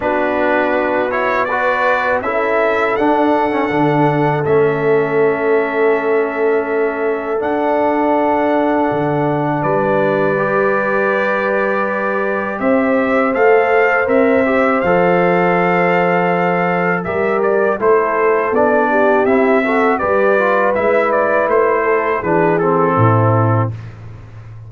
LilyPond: <<
  \new Staff \with { instrumentName = "trumpet" } { \time 4/4 \tempo 4 = 81 b'4. cis''8 d''4 e''4 | fis''2 e''2~ | e''2 fis''2~ | fis''4 d''2.~ |
d''4 e''4 f''4 e''4 | f''2. e''8 d''8 | c''4 d''4 e''4 d''4 | e''8 d''8 c''4 b'8 a'4. | }
  \new Staff \with { instrumentName = "horn" } { \time 4/4 fis'2 b'4 a'4~ | a'1~ | a'1~ | a'4 b'2.~ |
b'4 c''2.~ | c''2. ais'4 | a'4. g'4 a'8 b'4~ | b'4. a'8 gis'4 e'4 | }
  \new Staff \with { instrumentName = "trombone" } { \time 4/4 d'4. e'8 fis'4 e'4 | d'8. cis'16 d'4 cis'2~ | cis'2 d'2~ | d'2 g'2~ |
g'2 a'4 ais'8 g'8 | a'2. g'4 | e'4 d'4 e'8 fis'8 g'8 f'8 | e'2 d'8 c'4. | }
  \new Staff \with { instrumentName = "tuba" } { \time 4/4 b2. cis'4 | d'4 d4 a2~ | a2 d'2 | d4 g2.~ |
g4 c'4 a4 c'4 | f2. g4 | a4 b4 c'4 g4 | gis4 a4 e4 a,4 | }
>>